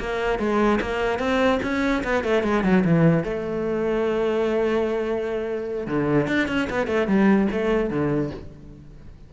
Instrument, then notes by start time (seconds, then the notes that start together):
cello
0.00 A#3
0.39 G#3
0.81 A#3
1.19 C4
1.63 C#4
2.04 B3
2.24 A3
2.43 G#3
2.64 F#3
2.85 E3
3.24 A3
5.87 D3
6.28 D4
6.48 C#4
6.70 B3
6.87 A3
7.07 G3
7.52 A3
7.90 D3